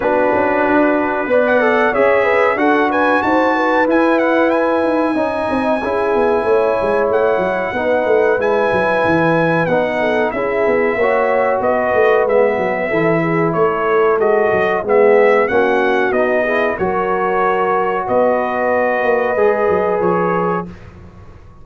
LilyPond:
<<
  \new Staff \with { instrumentName = "trumpet" } { \time 4/4 \tempo 4 = 93 b'2~ b'16 fis''8. e''4 | fis''8 gis''8 a''4 gis''8 fis''8 gis''4~ | gis''2. fis''4~ | fis''4 gis''2 fis''4 |
e''2 dis''4 e''4~ | e''4 cis''4 dis''4 e''4 | fis''4 dis''4 cis''2 | dis''2. cis''4 | }
  \new Staff \with { instrumentName = "horn" } { \time 4/4 fis'2 d''4 cis''8 b'8 | a'8 b'8 c''8 b'2~ b'8 | dis''4 gis'4 cis''2 | b'2.~ b'8 a'8 |
gis'4 cis''4 b'2 | a'8 gis'8 a'2 gis'4 | fis'4. gis'8 ais'2 | b'1 | }
  \new Staff \with { instrumentName = "trombone" } { \time 4/4 d'2 b'8 a'8 gis'4 | fis'2 e'2 | dis'4 e'2. | dis'4 e'2 dis'4 |
e'4 fis'2 b4 | e'2 fis'4 b4 | cis'4 dis'8 e'8 fis'2~ | fis'2 gis'2 | }
  \new Staff \with { instrumentName = "tuba" } { \time 4/4 b8 cis'8 d'4 b4 cis'4 | d'4 dis'4 e'4. dis'8 | cis'8 c'8 cis'8 b8 a8 gis8 a8 fis8 | b8 a8 gis8 fis8 e4 b4 |
cis'8 b8 ais4 b8 a8 gis8 fis8 | e4 a4 gis8 fis8 gis4 | ais4 b4 fis2 | b4. ais8 gis8 fis8 f4 | }
>>